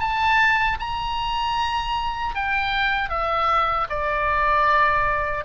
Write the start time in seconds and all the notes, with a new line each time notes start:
0.00 A5
0.79 A#5
2.35 G5
3.10 E5
3.90 D5